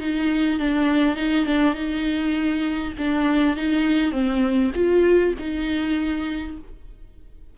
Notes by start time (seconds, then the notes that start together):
0.00 D#4
0.59 D4
1.16 D#4
1.46 D4
1.75 D#4
2.98 D4
3.56 D#4
4.12 C4
4.75 F4
5.39 D#4